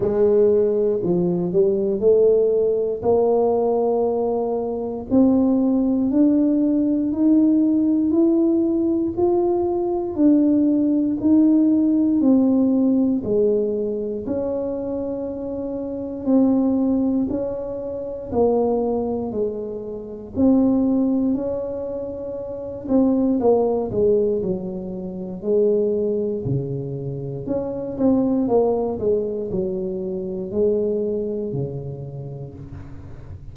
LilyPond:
\new Staff \with { instrumentName = "tuba" } { \time 4/4 \tempo 4 = 59 gis4 f8 g8 a4 ais4~ | ais4 c'4 d'4 dis'4 | e'4 f'4 d'4 dis'4 | c'4 gis4 cis'2 |
c'4 cis'4 ais4 gis4 | c'4 cis'4. c'8 ais8 gis8 | fis4 gis4 cis4 cis'8 c'8 | ais8 gis8 fis4 gis4 cis4 | }